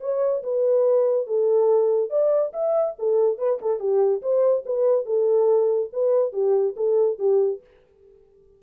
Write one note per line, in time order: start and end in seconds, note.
0.00 0.42 C#5
0.43 1.27 B4
1.27 2.10 A4
2.10 2.52 D5
2.53 2.95 E5
2.98 3.38 A4
3.38 3.59 B4
3.61 3.79 A4
3.79 4.21 G4
4.22 4.64 C5
4.65 5.05 B4
5.05 5.90 A4
5.93 6.32 B4
6.32 6.75 G4
6.76 7.18 A4
7.18 7.61 G4